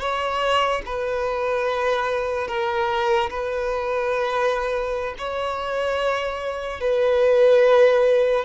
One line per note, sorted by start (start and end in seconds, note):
0.00 0.82 C#5
0.86 2.48 B4
2.48 3.30 A#4
3.30 5.15 B4
5.18 6.80 C#5
6.80 8.45 B4